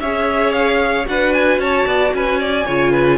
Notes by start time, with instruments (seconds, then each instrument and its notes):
0.00 cello C#4, viola G#4, violin C#5 E5
0.53 violin F5
1.06 cello D4, viola F#4, violin B4 F#5
1.34 violin G#5
1.59 cello C#4, violin C#5 A5
1.86 cello B3, violin D5
2.14 cello C#4, violin B4 G#5
2.40 violin D5
2.66 cello C#3, viola F4, violin C#5
2.92 violin B4